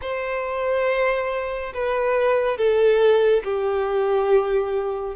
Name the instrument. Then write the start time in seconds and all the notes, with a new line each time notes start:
violin
0.01 C5
1.74 B4
2.57 A4
3.44 G4